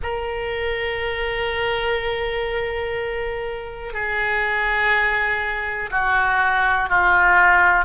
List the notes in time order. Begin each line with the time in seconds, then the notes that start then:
0.02 A#4
3.93 G#4
5.90 F#4
6.89 F4